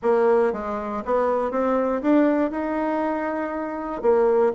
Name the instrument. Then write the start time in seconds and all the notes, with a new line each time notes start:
bassoon
0.02 A#3
0.52 G#3
1.05 B3
1.51 C4
2.02 D4
2.50 D#4
4.02 A#3